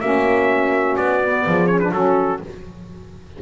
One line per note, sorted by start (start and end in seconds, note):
0.00 0.96 A#3
0.00 1.20 C#4
0.00 1.45 F#4
0.00 0.96 E5
0.96 1.45 B3
0.96 1.66 D5
1.20 1.68 B3
1.46 1.91 F3
1.46 1.91 G#4
1.66 1.80 C#4
1.66 1.78 C#5
1.79 1.93 D4
1.79 1.91 B4
1.91 2.39 F#3
1.91 2.41 C#4
1.91 2.39 F#4
1.91 2.41 A4